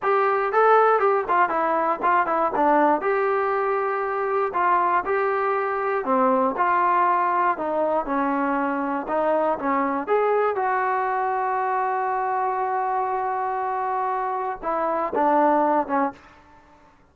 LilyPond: \new Staff \with { instrumentName = "trombone" } { \time 4/4 \tempo 4 = 119 g'4 a'4 g'8 f'8 e'4 | f'8 e'8 d'4 g'2~ | g'4 f'4 g'2 | c'4 f'2 dis'4 |
cis'2 dis'4 cis'4 | gis'4 fis'2.~ | fis'1~ | fis'4 e'4 d'4. cis'8 | }